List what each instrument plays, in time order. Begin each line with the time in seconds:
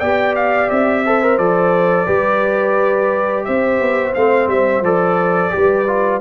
0.00 tuba B3, trombone G4, horn D5, trumpet G5
0.36 trumpet F5
0.70 tuba C4, trumpet E5
1.06 trombone A4, horn C5
1.23 trombone A#4
1.38 tuba F3, trombone A4, trumpet D5
2.06 tuba G3, trombone G4, horn B4
3.45 tuba C4, horn C5, trumpet E5
3.81 tuba B3
4.14 tuba A3, trombone C4, trumpet F5
4.48 tuba G3, trumpet E5
4.82 tuba F3, trombone A4, trumpet D5
5.51 tuba G3, trombone G4, horn B4
5.87 trombone F4